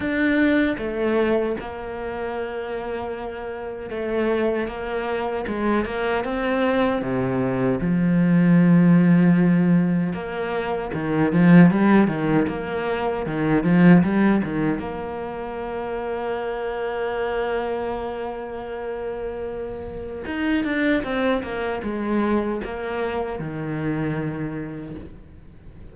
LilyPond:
\new Staff \with { instrumentName = "cello" } { \time 4/4 \tempo 4 = 77 d'4 a4 ais2~ | ais4 a4 ais4 gis8 ais8 | c'4 c4 f2~ | f4 ais4 dis8 f8 g8 dis8 |
ais4 dis8 f8 g8 dis8 ais4~ | ais1~ | ais2 dis'8 d'8 c'8 ais8 | gis4 ais4 dis2 | }